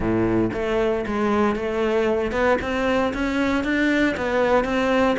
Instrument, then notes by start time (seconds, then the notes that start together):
cello
0.00 A2
0.53 A3
1.06 G#3
1.55 A3
2.31 B3
2.61 C4
3.13 C#4
3.63 D4
4.16 B3
4.64 C4